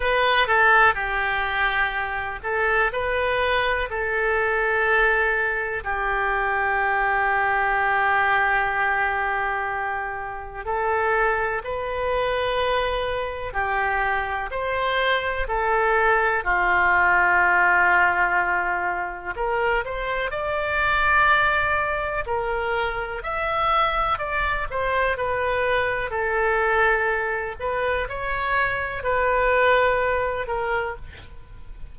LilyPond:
\new Staff \with { instrumentName = "oboe" } { \time 4/4 \tempo 4 = 62 b'8 a'8 g'4. a'8 b'4 | a'2 g'2~ | g'2. a'4 | b'2 g'4 c''4 |
a'4 f'2. | ais'8 c''8 d''2 ais'4 | e''4 d''8 c''8 b'4 a'4~ | a'8 b'8 cis''4 b'4. ais'8 | }